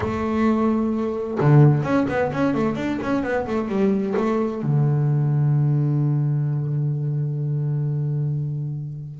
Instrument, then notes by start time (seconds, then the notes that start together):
double bass
0.00 A3
1.40 D3
1.83 C#4
2.08 B3
2.32 C#4
2.54 A3
2.76 D4
3.01 C#4
3.23 B3
3.47 A3
3.68 G3
4.16 A3
4.62 D3